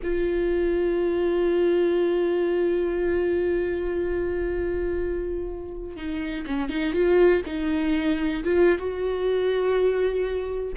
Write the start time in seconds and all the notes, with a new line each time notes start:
0.03 F4
5.96 D#4
6.46 C#4
6.69 D#4
6.93 F4
7.46 D#4
8.44 F4
8.78 F#4